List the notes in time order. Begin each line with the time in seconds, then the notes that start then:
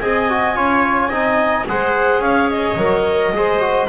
0.00 C4 G#4 D#5 G#5
0.29 F#4
0.55 C#4 F4 C#5
1.09 C4 D#4 D#5
1.67 G#3 G#4 C5 F#5
2.19 C#4 C#5 F5
2.50 D#5
2.77 F#3 A#4
3.32 G#3 G#4 C5
3.61 F#4